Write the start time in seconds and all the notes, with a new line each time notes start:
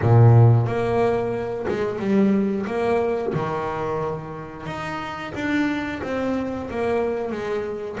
0.02 A#2
0.66 A#3
1.68 G#3
1.98 G3
2.66 A#3
3.33 D#3
4.66 D#4
5.35 D4
6.02 C4
6.70 A#3
7.31 G#3